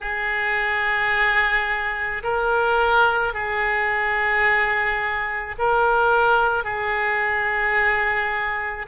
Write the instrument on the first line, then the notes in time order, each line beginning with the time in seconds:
oboe
0.00 G#4
2.23 A#4
3.33 G#4
5.58 A#4
6.64 G#4